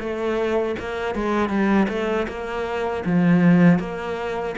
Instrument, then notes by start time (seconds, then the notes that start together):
cello
0.00 A3
0.80 A#3
1.15 G#3
1.49 G3
1.89 A3
2.28 A#3
3.06 F3
3.80 A#3